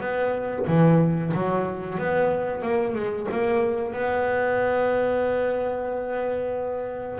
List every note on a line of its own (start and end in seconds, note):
0.00 0.65 B3
0.67 1.32 E3
1.33 1.98 F#3
1.98 2.62 B3
2.62 2.94 A#3
2.94 3.27 G#3
3.31 3.93 A#3
3.93 7.19 B3